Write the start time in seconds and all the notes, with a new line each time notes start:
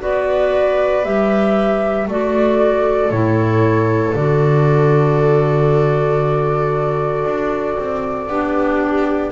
0.00 B3 F#4 B4 D5
1.04 G3 G4 E5
2.08 A3 F#4 A4 D5
3.11 A2 E4 C#5
4.15 D3 F#4 D5
7.25 D4
7.79 C4
8.28 B3 D4 G4